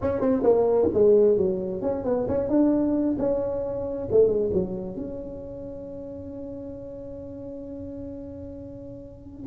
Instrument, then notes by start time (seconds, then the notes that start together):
tuba
0.01 C#4
0.20 C4
0.43 A#3
0.93 G#3
1.37 F#3
1.81 C#4
2.04 B3
2.28 C#4
2.49 D4
3.18 C#4
4.11 A3
4.27 G#3
4.53 F#3
4.96 C#4